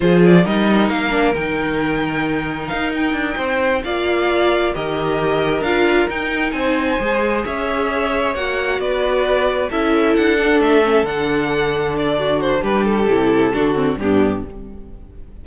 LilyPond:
<<
  \new Staff \with { instrumentName = "violin" } { \time 4/4 \tempo 4 = 133 c''8 d''8 dis''4 f''4 g''4~ | g''2 f''8 g''4.~ | g''8 f''2 dis''4.~ | dis''8 f''4 g''4 gis''4.~ |
gis''8 e''2 fis''4 d''8~ | d''4. e''4 fis''4 e''8~ | e''8 fis''2 d''4 c''8 | b'8 a'2~ a'8 g'4 | }
  \new Staff \with { instrumentName = "violin" } { \time 4/4 gis'4 ais'2.~ | ais'2.~ ais'8 c''8~ | c''8 d''2 ais'4.~ | ais'2~ ais'8 c''4.~ |
c''8 cis''2. b'8~ | b'4. a'2~ a'8~ | a'2. fis'4 | g'2 fis'4 d'4 | }
  \new Staff \with { instrumentName = "viola" } { \time 4/4 f'4 dis'4. d'8 dis'4~ | dis'1~ | dis'8 f'2 g'4.~ | g'8 f'4 dis'2 gis'8~ |
gis'2~ gis'8 fis'4.~ | fis'4. e'4. d'4 | cis'8 d'2.~ d'8~ | d'4 e'4 d'8 c'8 b4 | }
  \new Staff \with { instrumentName = "cello" } { \time 4/4 f4 g4 ais4 dis4~ | dis2 dis'4 d'8 c'8~ | c'8 ais2 dis4.~ | dis8 d'4 dis'4 c'4 gis8~ |
gis8 cis'2 ais4 b8~ | b4. cis'4 d'4 a8~ | a8 d2.~ d8 | g4 c4 d4 g,4 | }
>>